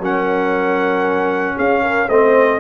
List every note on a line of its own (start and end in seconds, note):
0.00 1.55 F#3
0.00 2.09 C#4
0.00 1.56 A#4
0.00 1.59 F#5
1.56 2.09 C#4
1.56 1.82 G#4
1.56 2.09 F5
1.83 2.08 A#4
2.08 2.61 A3
2.08 2.61 C4
2.08 2.60 C5
2.08 2.61 D#5